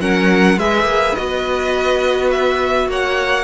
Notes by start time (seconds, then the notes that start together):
0.00 F#3 C#4 A#4 F#5
0.58 G#3 G#4 B4 E5
0.84 A#3
1.15 B3 F#4 D#5
2.31 E5
2.88 A#3 C#5 F#5